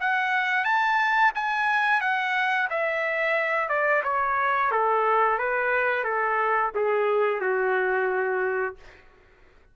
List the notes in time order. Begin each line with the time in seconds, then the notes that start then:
0.00 F#5
0.65 A5
1.35 G#5
2.01 F#5
2.70 E5
3.69 D5
4.04 C#5
4.71 A4
5.38 B4
6.04 A4
6.75 G#4
7.41 F#4